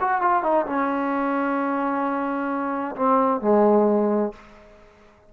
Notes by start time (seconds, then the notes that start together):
0.00 F#4
0.22 F4
0.43 D#4
0.66 C#4
2.96 C4
3.41 G#3